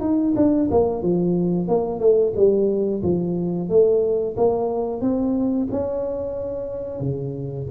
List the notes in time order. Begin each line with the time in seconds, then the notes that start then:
0.00 D#4
0.35 D4
0.71 A#3
1.02 F3
1.68 A#3
1.99 A3
2.35 G3
3.02 F3
3.69 A3
4.37 A#3
5.01 C4
5.71 C#4
7.00 C#3